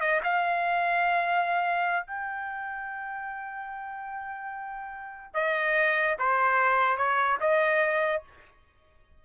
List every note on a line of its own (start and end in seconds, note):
0.00 0.21 D#5
0.23 2.06 F5
2.06 5.34 G5
5.34 6.16 D#5
6.18 6.97 C5
6.97 7.38 C#5
7.40 8.22 D#5